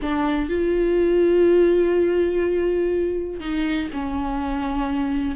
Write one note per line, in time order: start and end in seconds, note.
0.01 0.49 D4
0.49 3.40 F4
3.40 3.88 D#4
3.93 5.35 C#4